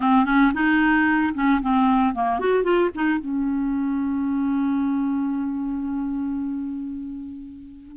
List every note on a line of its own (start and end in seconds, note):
0.00 0.25 C4
0.25 0.52 C#4
0.53 1.33 D#4
1.34 1.60 C#4
1.61 2.14 C4
2.14 2.39 A#3
2.39 2.63 F#4
2.63 2.90 F4
2.95 3.19 D#4
3.19 7.96 C#4